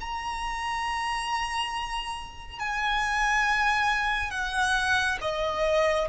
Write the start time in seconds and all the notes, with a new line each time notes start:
0.00 A#5
2.59 G#5
4.31 F#5
5.21 D#5